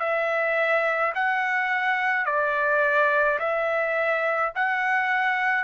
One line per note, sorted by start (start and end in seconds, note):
0.00 1.13 E5
1.15 2.26 F#5
2.26 3.40 D5
3.40 4.53 E5
4.56 5.64 F#5